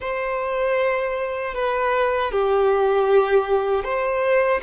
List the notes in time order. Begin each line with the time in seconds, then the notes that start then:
0.00 C5
1.54 B4
2.31 G4
3.84 C5